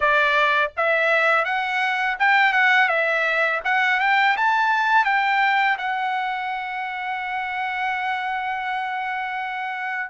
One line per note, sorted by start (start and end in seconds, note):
0.00 0.71 D5
0.77 1.44 E5
1.44 2.17 F#5
2.19 2.52 G5
2.52 2.88 F#5
2.88 3.60 E5
3.64 4.00 F#5
4.00 4.36 G5
4.36 5.04 A5
5.04 5.77 G5
5.78 10.09 F#5